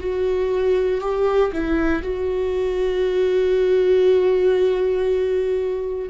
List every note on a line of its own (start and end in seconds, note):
0.00 1.01 F#4
1.01 1.52 G4
1.53 2.03 E4
2.03 6.10 F#4